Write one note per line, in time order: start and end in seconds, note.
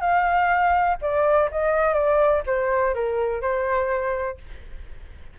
0.00 0.97 F5
1.01 1.49 D5
1.51 1.94 D#5
1.94 2.42 D5
2.46 2.94 C5
2.94 3.41 A#4
3.41 4.38 C5